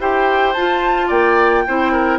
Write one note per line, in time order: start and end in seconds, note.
0.00 0.55 E4
0.00 0.55 G4
0.00 1.08 C5
0.00 0.54 G5
0.54 1.11 F4
0.54 1.67 F4
0.54 1.09 A5
1.08 1.66 A#3
1.08 1.63 D5
1.08 2.19 G5
1.68 2.19 C4
1.68 2.19 E4
1.68 1.93 C5
1.93 2.19 A#4